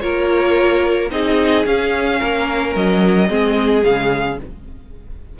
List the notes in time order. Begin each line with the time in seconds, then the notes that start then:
0.00 A#3 F4 A#4 C#5
1.11 C4 D#4 G#4 D#5
1.65 C#4 F5
2.19 A#3 A#4
2.75 F#3 D#5
3.29 G#3 C4 G#4
3.82 C#3 G#3 F5